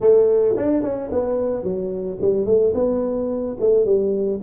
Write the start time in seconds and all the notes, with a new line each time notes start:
0.00 A3
0.56 D4
0.82 C#4
1.11 B3
1.63 F#3
2.21 G3
2.45 A3
2.74 B3
3.60 A3
3.85 G3